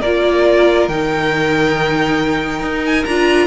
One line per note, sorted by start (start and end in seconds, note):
0.00 0.88 A#3
0.00 0.90 F4
0.00 3.47 A#4
0.00 0.88 D5
0.88 2.61 D#3
0.88 3.08 D#4
0.88 2.84 G5
2.61 3.05 D#4
2.85 3.04 G#5
3.04 3.47 D4
3.04 3.47 F4
3.04 3.47 A#5